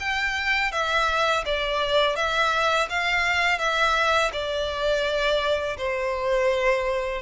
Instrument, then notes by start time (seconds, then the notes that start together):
violin
0.00 G5
0.72 E5
1.46 D5
2.16 E5
2.90 F5
3.59 E5
4.33 D5
5.78 C5